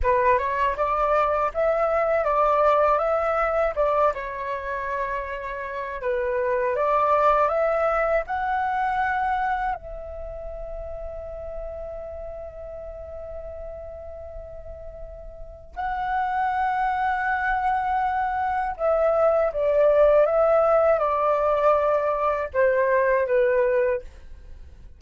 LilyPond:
\new Staff \with { instrumentName = "flute" } { \time 4/4 \tempo 4 = 80 b'8 cis''8 d''4 e''4 d''4 | e''4 d''8 cis''2~ cis''8 | b'4 d''4 e''4 fis''4~ | fis''4 e''2.~ |
e''1~ | e''4 fis''2.~ | fis''4 e''4 d''4 e''4 | d''2 c''4 b'4 | }